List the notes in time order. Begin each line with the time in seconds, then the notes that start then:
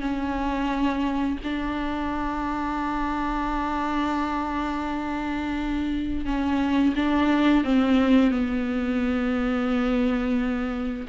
0.00 C#4
1.44 D4
6.25 C#4
6.95 D4
7.64 C4
8.30 B3